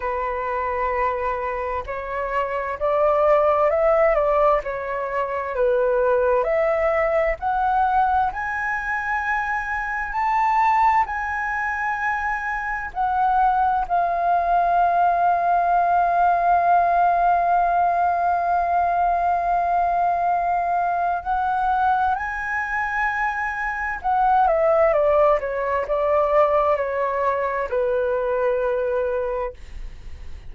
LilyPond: \new Staff \with { instrumentName = "flute" } { \time 4/4 \tempo 4 = 65 b'2 cis''4 d''4 | e''8 d''8 cis''4 b'4 e''4 | fis''4 gis''2 a''4 | gis''2 fis''4 f''4~ |
f''1~ | f''2. fis''4 | gis''2 fis''8 e''8 d''8 cis''8 | d''4 cis''4 b'2 | }